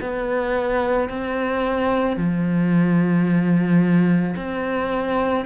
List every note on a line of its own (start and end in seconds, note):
0.00 1.09 B3
1.09 2.17 C4
2.17 4.35 F3
4.36 5.45 C4